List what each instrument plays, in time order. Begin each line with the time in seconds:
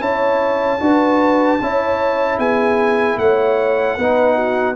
0.00 tuba C#4, trombone E4, horn C#5, trumpet A5
0.80 tuba D4, trombone F#4, horn B4
1.61 tuba C#4, trombone E4, horn C#5
2.38 tuba B3, horn G#4, trumpet G#5
3.18 tuba A3, horn C#5, trumpet F#5
3.96 tuba B3, trombone D#4, horn B4
4.35 horn F#4